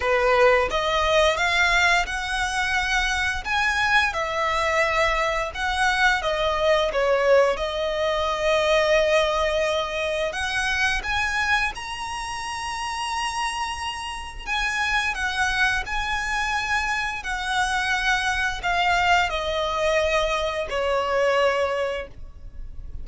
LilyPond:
\new Staff \with { instrumentName = "violin" } { \time 4/4 \tempo 4 = 87 b'4 dis''4 f''4 fis''4~ | fis''4 gis''4 e''2 | fis''4 dis''4 cis''4 dis''4~ | dis''2. fis''4 |
gis''4 ais''2.~ | ais''4 gis''4 fis''4 gis''4~ | gis''4 fis''2 f''4 | dis''2 cis''2 | }